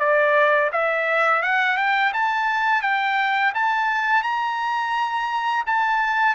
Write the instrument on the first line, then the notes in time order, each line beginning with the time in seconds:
trumpet
0.00 D5
0.72 E5
1.42 F#5
1.77 G5
2.13 A5
2.82 G5
3.55 A5
4.23 A#5
5.66 A5